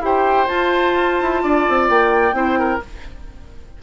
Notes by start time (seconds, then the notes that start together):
0.00 E4 G4 C5 G5
0.48 F4 A5
1.21 E4
1.43 D4 D5
1.70 C4
1.90 A#3 G5
2.33 C4 E4 C5
2.59 A#4